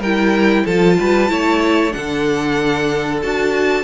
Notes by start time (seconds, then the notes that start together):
0.00 G3 E4 A#4 G5
0.65 F3 F4 A4 A5
1.00 G3 B4
1.29 A3 E4 C#5
1.92 D3 D4 A4 F#5
3.23 D4 F#4 A5